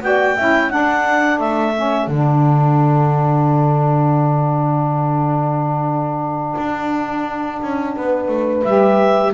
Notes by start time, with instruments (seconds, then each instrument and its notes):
0.00 double bass B3, saxophone F#4, horn D5, clarinet G5
0.37 double bass C#4, saxophone E4, horn E5
0.70 saxophone D4, double bass D4, horn A4, clarinet F#5
1.38 double bass A3, clarinet E5
1.75 saxophone C#4
2.07 double bass D3, saxophone D4, clarinet F#5
6.57 double bass D4
7.62 double bass C#4
7.96 double bass B3, horn B4
8.28 double bass A3
8.64 double bass G3, saxophone G4, clarinet E5